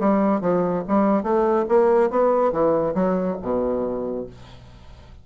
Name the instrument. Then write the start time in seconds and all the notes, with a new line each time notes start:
bassoon
0.00 G3
0.41 F3
0.88 G3
1.23 A3
1.69 A#3
2.10 B3
2.52 E3
2.95 F#3
3.42 B2